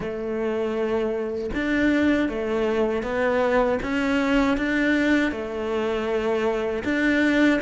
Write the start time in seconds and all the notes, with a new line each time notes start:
0.00 A3
1.54 D4
2.28 A3
3.02 B3
3.82 C#4
4.57 D4
5.31 A3
6.84 D4